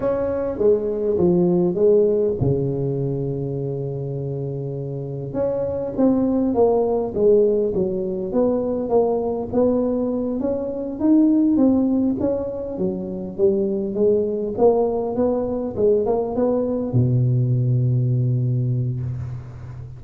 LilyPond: \new Staff \with { instrumentName = "tuba" } { \time 4/4 \tempo 4 = 101 cis'4 gis4 f4 gis4 | cis1~ | cis4 cis'4 c'4 ais4 | gis4 fis4 b4 ais4 |
b4. cis'4 dis'4 c'8~ | c'8 cis'4 fis4 g4 gis8~ | gis8 ais4 b4 gis8 ais8 b8~ | b8 b,2.~ b,8 | }